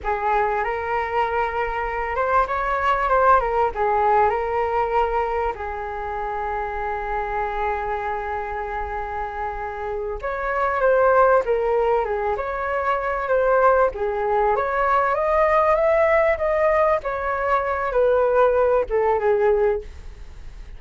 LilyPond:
\new Staff \with { instrumentName = "flute" } { \time 4/4 \tempo 4 = 97 gis'4 ais'2~ ais'8 c''8 | cis''4 c''8 ais'8 gis'4 ais'4~ | ais'4 gis'2.~ | gis'1~ |
gis'8 cis''4 c''4 ais'4 gis'8 | cis''4. c''4 gis'4 cis''8~ | cis''8 dis''4 e''4 dis''4 cis''8~ | cis''4 b'4. a'8 gis'4 | }